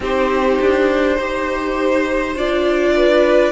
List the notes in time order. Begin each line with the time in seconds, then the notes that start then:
0.00 C4 D#4 G4 C5
0.61 D4
1.16 D#4 G4 C5
2.35 D4 F4 D5
2.96 B4